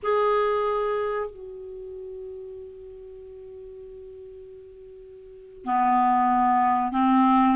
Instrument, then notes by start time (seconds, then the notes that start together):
clarinet
0.02 G#4
1.30 F#4
5.65 B3
6.92 C4